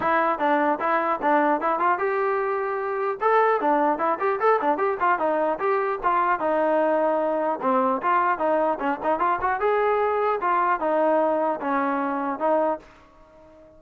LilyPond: \new Staff \with { instrumentName = "trombone" } { \time 4/4 \tempo 4 = 150 e'4 d'4 e'4 d'4 | e'8 f'8 g'2. | a'4 d'4 e'8 g'8 a'8 d'8 | g'8 f'8 dis'4 g'4 f'4 |
dis'2. c'4 | f'4 dis'4 cis'8 dis'8 f'8 fis'8 | gis'2 f'4 dis'4~ | dis'4 cis'2 dis'4 | }